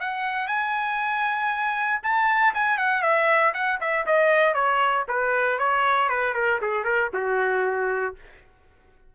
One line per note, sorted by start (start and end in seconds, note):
0.00 0.47 F#5
0.47 2.00 G#5
2.03 2.54 A5
2.54 2.78 G#5
2.78 3.02 F#5
3.02 3.53 E5
3.54 3.79 F#5
3.80 4.06 E5
4.06 4.54 D#5
4.54 5.05 C#5
5.08 5.58 B4
5.58 6.09 C#5
6.09 6.34 B4
6.34 6.59 A#4
6.61 6.84 G#4
6.84 7.09 A#4
7.13 8.15 F#4